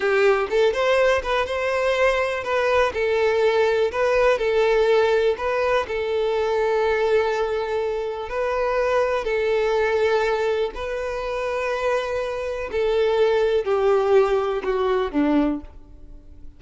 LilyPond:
\new Staff \with { instrumentName = "violin" } { \time 4/4 \tempo 4 = 123 g'4 a'8 c''4 b'8 c''4~ | c''4 b'4 a'2 | b'4 a'2 b'4 | a'1~ |
a'4 b'2 a'4~ | a'2 b'2~ | b'2 a'2 | g'2 fis'4 d'4 | }